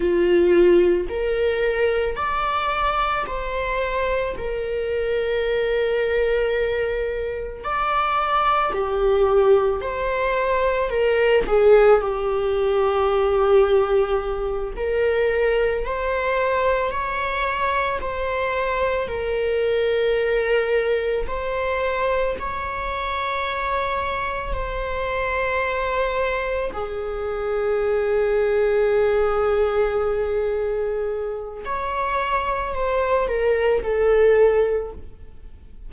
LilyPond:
\new Staff \with { instrumentName = "viola" } { \time 4/4 \tempo 4 = 55 f'4 ais'4 d''4 c''4 | ais'2. d''4 | g'4 c''4 ais'8 gis'8 g'4~ | g'4. ais'4 c''4 cis''8~ |
cis''8 c''4 ais'2 c''8~ | c''8 cis''2 c''4.~ | c''8 gis'2.~ gis'8~ | gis'4 cis''4 c''8 ais'8 a'4 | }